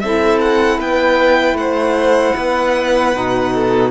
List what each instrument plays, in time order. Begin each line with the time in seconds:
0.00 cello C4, saxophone E4, violin A4 E5
0.41 violin F#5
0.79 cello B3, violin B4 G5
1.54 cello A3, violin F#5
1.60 violin C5
2.36 cello B3, violin B4
3.14 cello B2, saxophone D#4
3.54 violin A4